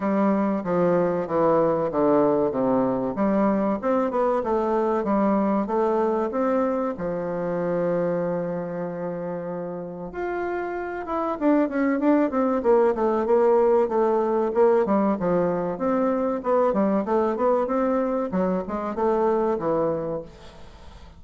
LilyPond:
\new Staff \with { instrumentName = "bassoon" } { \time 4/4 \tempo 4 = 95 g4 f4 e4 d4 | c4 g4 c'8 b8 a4 | g4 a4 c'4 f4~ | f1 |
f'4. e'8 d'8 cis'8 d'8 c'8 | ais8 a8 ais4 a4 ais8 g8 | f4 c'4 b8 g8 a8 b8 | c'4 fis8 gis8 a4 e4 | }